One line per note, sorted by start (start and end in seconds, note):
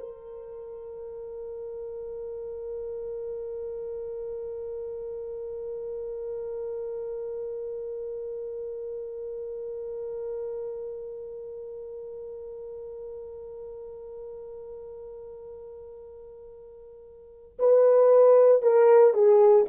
0.00 17.59 A#4
17.60 18.63 B4
18.63 19.14 A#4
19.14 19.66 G#4